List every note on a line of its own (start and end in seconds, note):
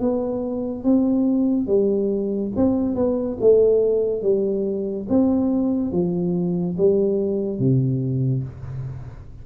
0.00 0.84 B3
0.84 1.67 C4
1.67 2.52 G3
2.56 2.96 C4
2.96 3.38 B3
3.41 4.23 A3
4.23 5.07 G3
5.09 5.92 C4
5.92 6.76 F3
6.78 7.59 G3
7.59 8.44 C3